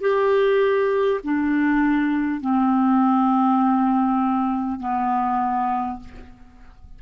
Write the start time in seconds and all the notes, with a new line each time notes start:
0.00 G4
1.23 D4
2.40 C4
4.79 B3